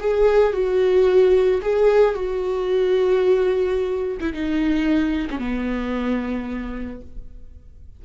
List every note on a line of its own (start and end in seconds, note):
0.00 0.53 G#4
0.53 1.61 F#4
1.62 2.15 G#4
2.15 4.17 F#4
4.20 4.33 E4
4.33 5.28 D#4
5.30 5.39 C#4
5.39 7.01 B3